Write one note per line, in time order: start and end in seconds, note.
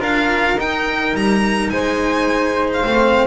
0.00 0.56 D4
0.00 0.57 F4
0.00 1.72 A#4
0.00 0.60 F5
0.56 1.13 D#4
0.56 2.84 D#4
0.56 1.16 G5
1.14 1.71 G3
1.14 1.70 A#5
1.70 2.85 G#3
1.70 3.28 C5
1.70 2.70 G#5
2.73 3.28 F5
2.84 3.28 A3
2.84 3.27 C4